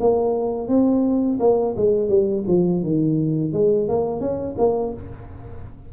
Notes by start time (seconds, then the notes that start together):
0.00 A#3
0.68 C4
1.40 A#3
1.76 G#3
2.09 G3
2.48 F3
2.83 D#3
3.53 G#3
3.89 A#3
4.21 C#4
4.58 A#3